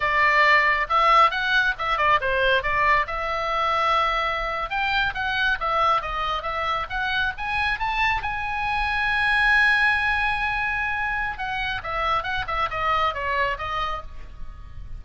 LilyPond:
\new Staff \with { instrumentName = "oboe" } { \time 4/4 \tempo 4 = 137 d''2 e''4 fis''4 | e''8 d''8 c''4 d''4 e''4~ | e''2~ e''8. g''4 fis''16~ | fis''8. e''4 dis''4 e''4 fis''16~ |
fis''8. gis''4 a''4 gis''4~ gis''16~ | gis''1~ | gis''2 fis''4 e''4 | fis''8 e''8 dis''4 cis''4 dis''4 | }